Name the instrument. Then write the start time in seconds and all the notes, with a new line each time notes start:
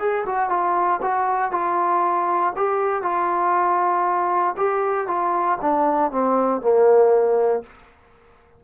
trombone
0.00 G#4
0.26 F#4
0.50 F4
1.02 F#4
1.52 F4
2.57 G4
3.03 F4
4.57 G4
5.08 F4
5.62 D4
6.12 C4
6.62 A#3